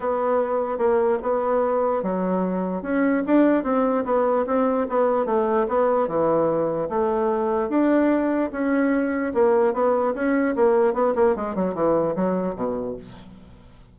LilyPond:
\new Staff \with { instrumentName = "bassoon" } { \time 4/4 \tempo 4 = 148 b2 ais4 b4~ | b4 fis2 cis'4 | d'4 c'4 b4 c'4 | b4 a4 b4 e4~ |
e4 a2 d'4~ | d'4 cis'2 ais4 | b4 cis'4 ais4 b8 ais8 | gis8 fis8 e4 fis4 b,4 | }